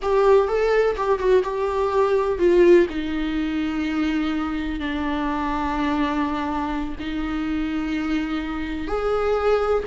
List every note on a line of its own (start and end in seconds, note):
0.02 0.48 G4
0.48 0.96 A4
0.96 1.18 G4
1.18 1.42 F#4
1.43 2.39 G4
2.39 2.87 F4
2.89 4.79 D#4
4.79 6.95 D4
6.99 8.87 D#4
8.87 9.83 G#4